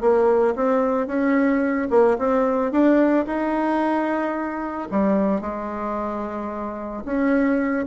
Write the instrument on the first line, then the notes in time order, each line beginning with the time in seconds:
bassoon
0.00 A#3
0.55 C4
1.07 C#4
1.90 A#3
2.18 C4
2.71 D4
3.26 D#4
4.90 G3
5.41 G#3
7.04 C#4